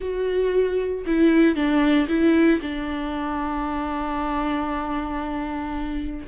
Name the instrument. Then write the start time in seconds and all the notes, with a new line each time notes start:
viola
0.00 F#4
1.06 E4
1.55 D4
2.08 E4
2.61 D4